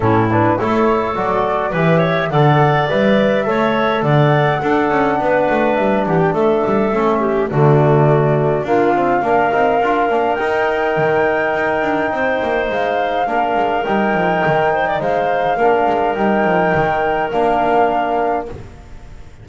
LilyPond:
<<
  \new Staff \with { instrumentName = "flute" } { \time 4/4 \tempo 4 = 104 a'8 b'8 cis''4 d''4 e''4 | fis''4 e''2 fis''4~ | fis''2 e''8 fis''16 g''16 e''4~ | e''4 d''2 f''4~ |
f''2 g''2~ | g''2 f''2 | g''2 f''2 | g''2 f''2 | }
  \new Staff \with { instrumentName = "clarinet" } { \time 4/4 e'4 a'2 b'8 cis''8 | d''2 cis''4 d''4 | a'4 b'4. g'8 a'4~ | a'8 g'8 fis'2 f'4 |
ais'1~ | ais'4 c''2 ais'4~ | ais'4. c''16 d''16 c''4 ais'4~ | ais'1 | }
  \new Staff \with { instrumentName = "trombone" } { \time 4/4 cis'8 d'8 e'4 fis'4 g'4 | a'4 b'4 a'2 | d'1 | cis'4 a2 ais8 c'8 |
d'8 dis'8 f'8 d'8 dis'2~ | dis'2. d'4 | dis'2. d'4 | dis'2 d'2 | }
  \new Staff \with { instrumentName = "double bass" } { \time 4/4 a,4 a4 fis4 e4 | d4 g4 a4 d4 | d'8 cis'8 b8 a8 g8 e8 a8 g8 | a4 d2 d'4 |
ais8 c'8 d'8 ais8 dis'4 dis4 | dis'8 d'8 c'8 ais8 gis4 ais8 gis8 | g8 f8 dis4 gis4 ais8 gis8 | g8 f8 dis4 ais2 | }
>>